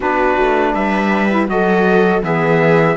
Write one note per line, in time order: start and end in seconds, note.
0.00 0.37 B3
0.00 1.29 D4
0.00 0.73 F#4
0.00 0.74 B4
0.38 0.74 A3
0.74 1.48 G3
0.74 1.48 B4
0.74 1.48 E5
1.29 1.46 E4
1.46 2.22 F#3
1.46 2.21 F#4
1.46 2.25 A4
1.46 2.23 D#5
2.21 2.96 E3
2.21 2.95 B3
2.21 2.96 G#4
2.21 2.96 E5